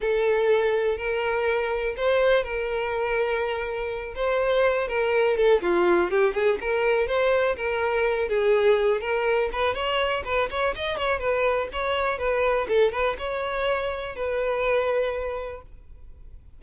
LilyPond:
\new Staff \with { instrumentName = "violin" } { \time 4/4 \tempo 4 = 123 a'2 ais'2 | c''4 ais'2.~ | ais'8 c''4. ais'4 a'8 f'8~ | f'8 g'8 gis'8 ais'4 c''4 ais'8~ |
ais'4 gis'4. ais'4 b'8 | cis''4 b'8 cis''8 dis''8 cis''8 b'4 | cis''4 b'4 a'8 b'8 cis''4~ | cis''4 b'2. | }